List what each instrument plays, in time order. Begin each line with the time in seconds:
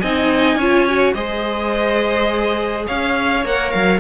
0.00 cello C4, viola D#4, violin D#5 G#5
0.56 cello C#4, viola F4, violin C#5
0.89 viola F#4
1.14 cello G#3, viola G#4, violin C5 D#5
2.87 cello C#4, violin C#5 F5
3.44 cello A#3, viola A#4, violin F#5
3.71 cello F#3, violin F5